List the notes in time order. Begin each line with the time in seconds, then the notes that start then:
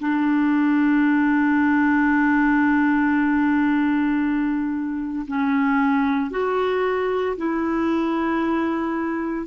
0.00 D4
5.28 C#4
6.31 F#4
7.37 E4